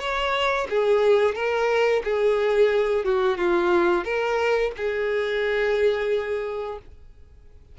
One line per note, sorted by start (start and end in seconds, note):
0.00 0.67 C#5
0.70 1.35 G#4
1.35 2.03 A#4
2.04 3.05 G#4
3.05 3.38 F#4
3.38 4.04 F4
4.04 4.72 A#4
4.77 6.79 G#4